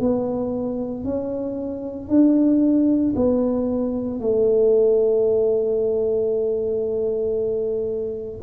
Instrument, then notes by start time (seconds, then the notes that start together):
tuba
0.00 B3
1.04 C#4
2.09 D4
3.15 B3
4.20 A3